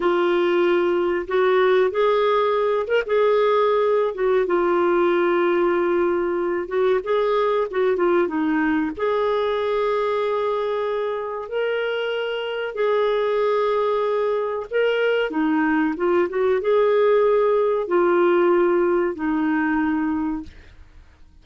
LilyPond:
\new Staff \with { instrumentName = "clarinet" } { \time 4/4 \tempo 4 = 94 f'2 fis'4 gis'4~ | gis'8 ais'16 gis'4.~ gis'16 fis'8 f'4~ | f'2~ f'8 fis'8 gis'4 | fis'8 f'8 dis'4 gis'2~ |
gis'2 ais'2 | gis'2. ais'4 | dis'4 f'8 fis'8 gis'2 | f'2 dis'2 | }